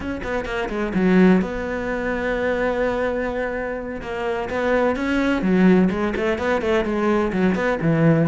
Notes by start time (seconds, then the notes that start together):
0.00 C#4
0.23 B3
0.45 A#3
0.69 G#3
0.94 F#3
1.41 B3
4.01 A#3
4.49 B3
4.96 C#4
5.42 F#3
5.90 G#3
6.15 A3
6.38 B3
6.61 A3
6.85 G#3
7.32 F#3
7.55 B3
7.81 E3